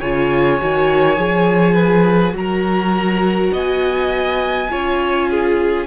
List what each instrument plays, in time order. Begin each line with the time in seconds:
0.00 cello C#3, viola F4, violin C#5 G#5
0.60 cello D#3, viola F#4
1.16 cello F3, viola G#4
1.74 violin B4
2.32 cello F#3, viola F#4, violin A#5
2.39 violin A#4
3.52 cello B3, violin D#5 G#5
4.69 cello C#4, viola F4, violin C#5
5.30 violin G#4